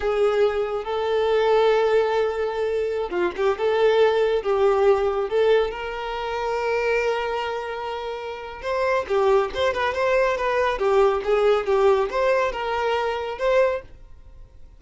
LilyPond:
\new Staff \with { instrumentName = "violin" } { \time 4/4 \tempo 4 = 139 gis'2 a'2~ | a'2.~ a'16 f'8 g'16~ | g'16 a'2 g'4.~ g'16~ | g'16 a'4 ais'2~ ais'8.~ |
ais'1 | c''4 g'4 c''8 b'8 c''4 | b'4 g'4 gis'4 g'4 | c''4 ais'2 c''4 | }